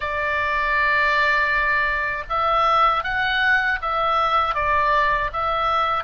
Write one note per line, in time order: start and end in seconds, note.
0.00 2.24 D5
2.29 3.03 E5
3.03 3.79 F#5
3.81 4.54 E5
4.54 5.30 D5
5.32 6.04 E5